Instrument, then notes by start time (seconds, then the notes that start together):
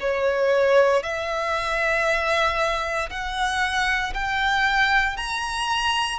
violin
0.00 C#5
1.03 E5
3.10 F#5
4.14 G5
5.17 A#5